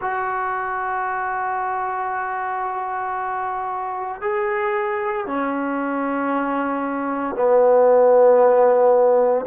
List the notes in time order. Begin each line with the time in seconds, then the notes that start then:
0.00 F#4
4.21 G#4
5.26 C#4
7.35 B3